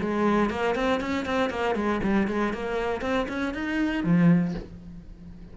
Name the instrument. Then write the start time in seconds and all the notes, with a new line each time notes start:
cello
0.00 G#3
0.50 A#3
0.75 C4
1.00 C#4
1.25 C4
1.50 A#3
1.75 G#3
2.03 G3
2.27 G#3
2.53 A#3
3.01 C4
3.28 C#4
3.54 D#4
4.04 F3